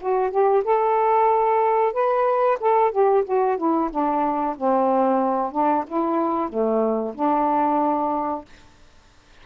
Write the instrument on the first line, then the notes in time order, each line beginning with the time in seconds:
saxophone
0.00 F#4
0.31 G4
0.64 A4
1.93 B4
2.60 A4
2.91 G4
3.24 F#4
3.57 E4
3.90 D4
4.57 C4
5.51 D4
5.87 E4
6.49 A3
7.14 D4